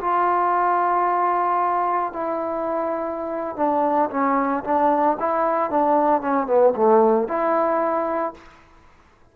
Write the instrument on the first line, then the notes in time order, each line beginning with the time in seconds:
trombone
0.00 F4
2.13 E4
3.56 D4
4.10 C#4
4.64 D4
5.19 E4
5.70 D4
6.21 C#4
6.47 B3
6.76 A3
7.28 E4